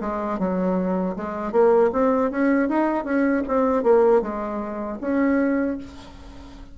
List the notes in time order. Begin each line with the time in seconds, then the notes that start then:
0.00 G#3
0.38 F#3
1.16 G#3
1.51 A#3
1.92 C4
2.30 C#4
2.69 D#4
3.04 C#4
3.47 C4
3.83 A#3
4.21 G#3
5.00 C#4